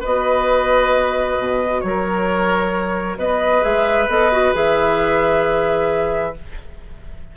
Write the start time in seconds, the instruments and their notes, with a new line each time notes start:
0.00 bassoon B3, clarinet F#4, oboe B4, flute D#5
1.38 bassoon B2
1.81 bassoon F#3, oboe A#4, flute C#5
3.17 bassoon B3, oboe B4, flute D#5
3.61 bassoon G#3, clarinet G#4, flute E5
4.07 bassoon B3, clarinet A4, flute D#5
4.32 clarinet F#4
4.54 bassoon E3, clarinet G#4, flute E5